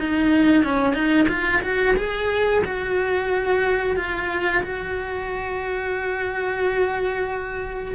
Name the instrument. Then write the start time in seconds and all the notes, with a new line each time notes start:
cello
0.00 D#4
0.64 C#4
0.94 D#4
1.29 F4
1.62 F#4
1.97 G#4
2.65 F#4
3.97 F4
4.64 F#4